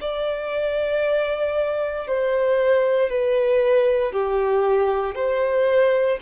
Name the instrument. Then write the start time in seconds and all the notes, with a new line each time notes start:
violin
0.00 D5
2.07 C5
3.09 B4
4.12 G4
5.14 C5